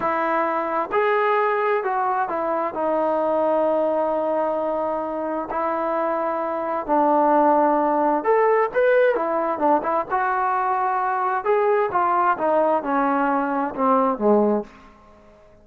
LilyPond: \new Staff \with { instrumentName = "trombone" } { \time 4/4 \tempo 4 = 131 e'2 gis'2 | fis'4 e'4 dis'2~ | dis'1 | e'2. d'4~ |
d'2 a'4 b'4 | e'4 d'8 e'8 fis'2~ | fis'4 gis'4 f'4 dis'4 | cis'2 c'4 gis4 | }